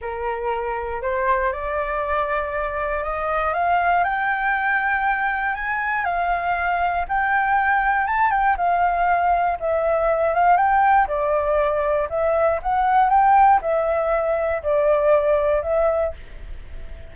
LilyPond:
\new Staff \with { instrumentName = "flute" } { \time 4/4 \tempo 4 = 119 ais'2 c''4 d''4~ | d''2 dis''4 f''4 | g''2. gis''4 | f''2 g''2 |
a''8 g''8 f''2 e''4~ | e''8 f''8 g''4 d''2 | e''4 fis''4 g''4 e''4~ | e''4 d''2 e''4 | }